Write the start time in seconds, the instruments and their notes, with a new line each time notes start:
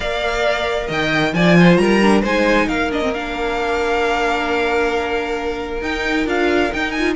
0.00 cello A#3, viola A#4, violin D5 F5
0.87 cello D#3, violin D#5 G5
1.33 cello F3, viola F4, violin D5 G#5
1.58 violin C5
1.76 cello G3, violin A#4 A#5
2.01 viola D4
2.21 cello G#3, viola D#4, violin C5 G#5
2.67 cello A#3, violin A#4 F5
2.91 viola D4, violin D#5
3.02 viola C4
3.13 viola D4, violin F5
5.81 cello D#4, viola D#4, violin G5
6.25 cello D4, viola F4, violin F5
6.72 viola D#4, cello D#4, violin G5
6.91 violin G#5
6.98 viola F4